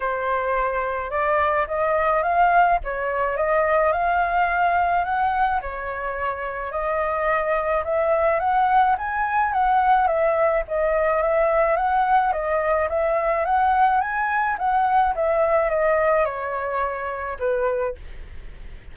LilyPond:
\new Staff \with { instrumentName = "flute" } { \time 4/4 \tempo 4 = 107 c''2 d''4 dis''4 | f''4 cis''4 dis''4 f''4~ | f''4 fis''4 cis''2 | dis''2 e''4 fis''4 |
gis''4 fis''4 e''4 dis''4 | e''4 fis''4 dis''4 e''4 | fis''4 gis''4 fis''4 e''4 | dis''4 cis''2 b'4 | }